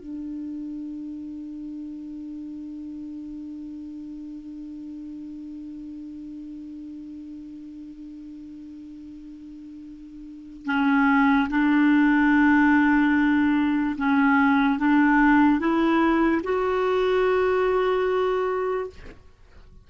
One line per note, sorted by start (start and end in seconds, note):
0.00 10.66 D4
10.66 11.48 C#4
11.50 13.97 D4
13.98 14.79 C#4
14.79 15.60 D4
15.60 16.42 E4
16.44 18.90 F#4